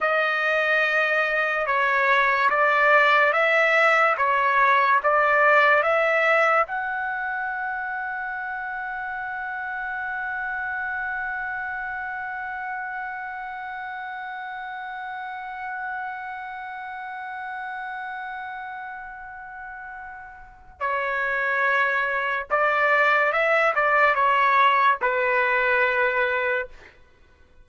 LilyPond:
\new Staff \with { instrumentName = "trumpet" } { \time 4/4 \tempo 4 = 72 dis''2 cis''4 d''4 | e''4 cis''4 d''4 e''4 | fis''1~ | fis''1~ |
fis''1~ | fis''1~ | fis''4 cis''2 d''4 | e''8 d''8 cis''4 b'2 | }